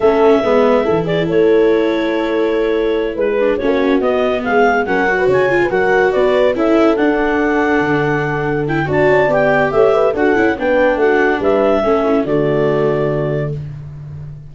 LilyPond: <<
  \new Staff \with { instrumentName = "clarinet" } { \time 4/4 \tempo 4 = 142 e''2~ e''8 d''8 cis''4~ | cis''2.~ cis''8 b'8~ | b'8 cis''4 dis''4 f''4 fis''8~ | fis''8 gis''4 fis''4 d''4 e''8~ |
e''8 fis''2.~ fis''8~ | fis''8 g''8 a''4 g''4 e''4 | fis''4 g''4 fis''4 e''4~ | e''4 d''2. | }
  \new Staff \with { instrumentName = "horn" } { \time 4/4 a'4 b'4 a'8 gis'8 a'4~ | a'2.~ a'8 b'8~ | b'8 fis'2 gis'4 ais'8~ | ais'16 b'16 cis''8. b'16 ais'4 b'4 a'8~ |
a'1~ | a'4 d''2 cis''8 b'8 | a'4 b'4 fis'4 b'4 | a'8 e'8 fis'2. | }
  \new Staff \with { instrumentName = "viola" } { \time 4/4 cis'4 b4 e'2~ | e'1 | d'8 cis'4 b2 cis'8 | fis'4 f'8 fis'2 e'8~ |
e'8 d'2.~ d'8~ | d'8 e'8 fis'4 g'2 | fis'8 e'8 d'2. | cis'4 a2. | }
  \new Staff \with { instrumentName = "tuba" } { \time 4/4 a4 gis4 e4 a4~ | a2.~ a8 gis8~ | gis8 ais4 b4 gis4 fis8~ | fis8 cis4 fis4 b4 cis'8~ |
cis'8 d'2 d4.~ | d4 d'8 cis'8 b4 a4 | d'8 cis'8 b4 a4 g4 | a4 d2. | }
>>